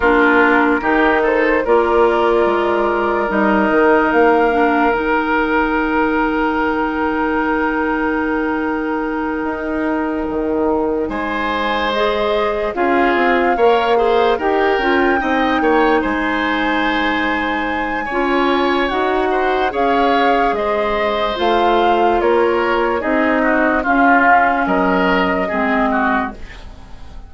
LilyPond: <<
  \new Staff \with { instrumentName = "flute" } { \time 4/4 \tempo 4 = 73 ais'4. c''8 d''2 | dis''4 f''4 g''2~ | g''1~ | g''4. gis''4 dis''4 f''8~ |
f''4. g''2 gis''8~ | gis''2. fis''4 | f''4 dis''4 f''4 cis''4 | dis''4 f''4 dis''2 | }
  \new Staff \with { instrumentName = "oboe" } { \time 4/4 f'4 g'8 a'8 ais'2~ | ais'1~ | ais'1~ | ais'4. c''2 gis'8~ |
gis'8 cis''8 c''8 ais'4 dis''8 cis''8 c''8~ | c''2 cis''4. c''8 | cis''4 c''2 ais'4 | gis'8 fis'8 f'4 ais'4 gis'8 fis'8 | }
  \new Staff \with { instrumentName = "clarinet" } { \time 4/4 d'4 dis'4 f'2 | dis'4. d'8 dis'2~ | dis'1~ | dis'2~ dis'8 gis'4 f'8~ |
f'8 ais'8 gis'8 g'8 f'8 dis'4.~ | dis'2 f'4 fis'4 | gis'2 f'2 | dis'4 cis'2 c'4 | }
  \new Staff \with { instrumentName = "bassoon" } { \time 4/4 ais4 dis4 ais4 gis4 | g8 dis8 ais4 dis2~ | dis2.~ dis8 dis'8~ | dis'8 dis4 gis2 cis'8 |
c'8 ais4 dis'8 cis'8 c'8 ais8 gis8~ | gis2 cis'4 dis'4 | cis'4 gis4 a4 ais4 | c'4 cis'4 fis4 gis4 | }
>>